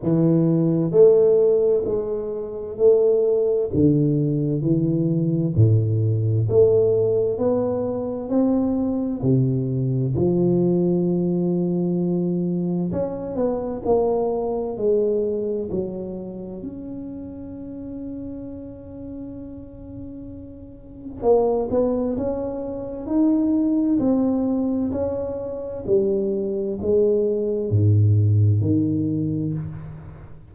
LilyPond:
\new Staff \with { instrumentName = "tuba" } { \time 4/4 \tempo 4 = 65 e4 a4 gis4 a4 | d4 e4 a,4 a4 | b4 c'4 c4 f4~ | f2 cis'8 b8 ais4 |
gis4 fis4 cis'2~ | cis'2. ais8 b8 | cis'4 dis'4 c'4 cis'4 | g4 gis4 gis,4 dis4 | }